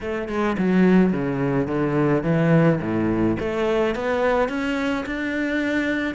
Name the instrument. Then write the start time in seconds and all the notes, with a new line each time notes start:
cello
0.00 A3
0.28 G#3
0.58 F#3
1.12 C#3
1.67 D3
2.23 E3
2.81 A2
3.39 A3
3.95 B3
4.48 C#4
5.06 D4